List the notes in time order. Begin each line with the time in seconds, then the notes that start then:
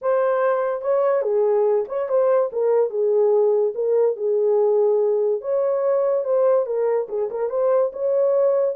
0.01 C5
0.81 C#5
1.22 G#4
1.88 C#5
2.08 C5
2.52 A#4
2.90 G#4
3.74 A#4
4.16 G#4
5.41 C#5
6.24 C5
6.66 A#4
7.08 G#4
7.30 A#4
7.49 C5
7.92 C#5